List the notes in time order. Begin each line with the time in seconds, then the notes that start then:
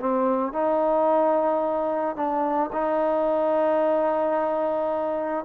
0.00 C4
0.53 D#4
2.16 D4
2.72 D#4